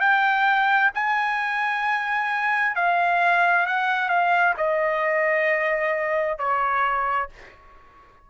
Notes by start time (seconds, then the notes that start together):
0.00 G5
0.95 G#5
2.76 F5
3.67 F#5
4.09 F5
4.57 D#5
6.38 C#5